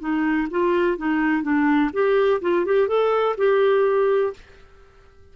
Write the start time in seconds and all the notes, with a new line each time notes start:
0.00 D#4
0.51 F4
0.98 D#4
1.43 D4
1.93 G4
2.42 F4
2.66 G4
2.88 A4
3.38 G4